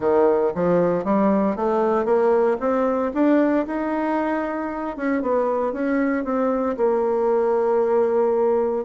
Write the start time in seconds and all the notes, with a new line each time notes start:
0.00 D#3
0.54 F3
1.04 G3
1.56 A3
2.05 A#3
2.59 C4
3.14 D4
3.66 D#4
4.96 C#4
5.22 B3
5.72 C#4
6.24 C4
6.76 A#3